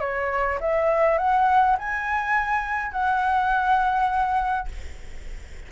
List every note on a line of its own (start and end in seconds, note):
0.00 0.59 C#5
0.60 1.18 E5
1.18 1.76 F#5
1.78 2.91 G#5
2.91 4.68 F#5